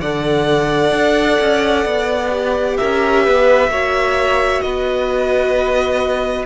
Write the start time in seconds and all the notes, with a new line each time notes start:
0.00 D3 A4 D5 F#5
0.91 D4
1.40 C#4
1.85 B3
2.31 G4
2.77 C#4 A#4 E5
3.23 B3 B4
3.67 A#3 F#4 C#5
4.61 B3 B4 D#5